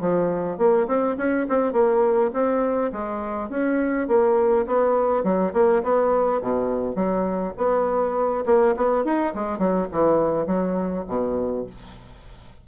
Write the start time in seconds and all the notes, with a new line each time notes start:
0.00 F3
0.57 A#3
0.87 C4
1.17 C#4
1.49 C4
1.72 A#3
2.33 C4
2.92 G#3
3.49 C#4
4.08 A#3
4.66 B3
5.23 F#3
5.53 A#3
5.83 B3
6.41 B2
6.95 F#3
7.57 B3
8.45 A#3
8.76 B3
9.04 D#4
9.34 G#3
9.58 F#3
9.92 E3
10.46 F#3
11.08 B2